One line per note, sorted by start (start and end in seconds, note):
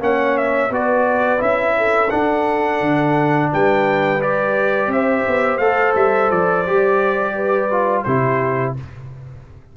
0.00 0.70 A#3
0.00 0.70 C#4
0.00 0.72 C#5
0.00 0.38 F#5
0.38 0.73 E5
0.70 1.40 B3
0.70 1.39 F#4
0.70 1.78 B4
0.70 1.42 D5
1.39 2.11 C#4
1.39 2.09 E4
1.39 2.11 E5
1.78 3.52 A4
2.10 4.20 D4
2.10 2.81 D4
2.10 3.50 F#5
2.81 3.51 D3
3.52 4.88 G3
3.52 4.91 B4
3.52 4.22 G5
4.21 5.60 G4
4.21 4.92 D5
4.88 5.23 C4
4.88 7.35 C5
4.88 5.58 E5
5.28 5.59 B3
5.58 5.94 A3
5.58 6.65 A4
5.58 5.93 F5
5.96 6.31 G3
5.96 6.31 E5
6.31 6.66 F3
6.31 8.04 D5
6.66 8.06 G3
6.66 7.71 G4
7.36 8.05 B4
7.71 8.06 F4
8.04 8.76 C3
8.04 8.77 E4
8.04 8.76 G4
8.04 8.73 C5